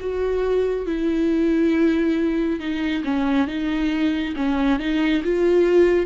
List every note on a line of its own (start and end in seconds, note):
0.00 0.86 F#4
0.86 2.60 E4
2.60 3.03 D#4
3.04 3.47 C#4
3.47 4.34 D#4
4.36 4.79 C#4
4.79 5.23 D#4
5.24 6.06 F4